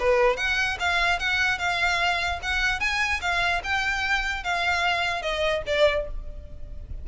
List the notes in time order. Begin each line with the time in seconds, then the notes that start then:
0.00 B4
0.37 F#5
0.80 F5
1.20 F#5
1.59 F5
2.43 F#5
2.80 G#5
3.22 F5
3.64 G5
4.44 F5
5.22 D#5
5.67 D5